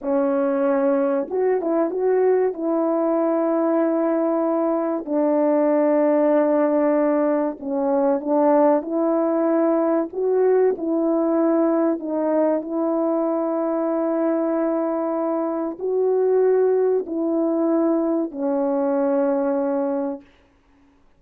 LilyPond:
\new Staff \with { instrumentName = "horn" } { \time 4/4 \tempo 4 = 95 cis'2 fis'8 e'8 fis'4 | e'1 | d'1 | cis'4 d'4 e'2 |
fis'4 e'2 dis'4 | e'1~ | e'4 fis'2 e'4~ | e'4 cis'2. | }